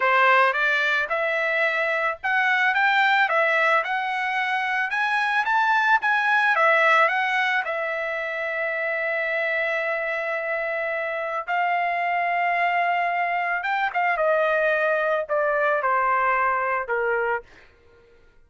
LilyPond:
\new Staff \with { instrumentName = "trumpet" } { \time 4/4 \tempo 4 = 110 c''4 d''4 e''2 | fis''4 g''4 e''4 fis''4~ | fis''4 gis''4 a''4 gis''4 | e''4 fis''4 e''2~ |
e''1~ | e''4 f''2.~ | f''4 g''8 f''8 dis''2 | d''4 c''2 ais'4 | }